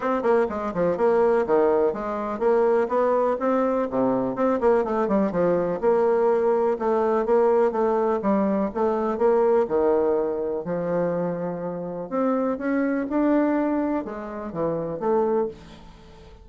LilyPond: \new Staff \with { instrumentName = "bassoon" } { \time 4/4 \tempo 4 = 124 c'8 ais8 gis8 f8 ais4 dis4 | gis4 ais4 b4 c'4 | c4 c'8 ais8 a8 g8 f4 | ais2 a4 ais4 |
a4 g4 a4 ais4 | dis2 f2~ | f4 c'4 cis'4 d'4~ | d'4 gis4 e4 a4 | }